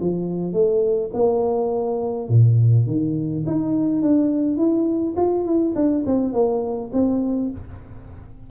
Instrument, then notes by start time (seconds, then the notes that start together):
tuba
0.00 F3
0.52 A3
1.13 A#3
2.29 A#2
2.86 D#3
3.46 D#4
4.02 D4
4.57 E4
5.16 F4
5.45 E4
5.75 D4
6.06 C4
6.33 A#3
6.93 C4